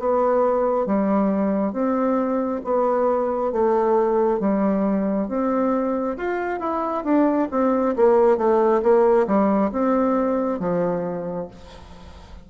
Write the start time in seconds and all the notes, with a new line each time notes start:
0.00 B3
0.87 G3
1.73 C4
2.65 B3
3.53 A3
4.40 G3
5.29 C4
6.18 F4
6.61 E4
7.05 D4
7.52 C4
7.97 A#3
8.38 A3
8.83 A#3
9.28 G3
9.73 C4
10.60 F3